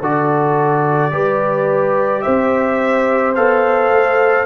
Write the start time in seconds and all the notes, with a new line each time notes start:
0.00 D3 F#4 A4 D5
1.12 G3 G4 B4
2.22 C4 C5 E5
3.35 B3 A4 F5
3.90 A3